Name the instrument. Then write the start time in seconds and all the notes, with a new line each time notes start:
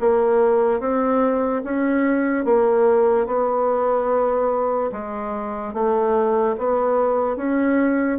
bassoon
0.00 A#3
0.80 C4
1.64 C#4
2.45 A#3
3.27 B3
4.92 G#3
5.73 A3
6.58 B3
7.37 C#4